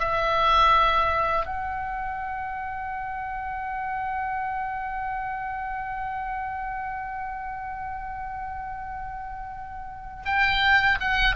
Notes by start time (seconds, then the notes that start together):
0.00 E5
1.46 F#5
10.26 G5
11.01 F#5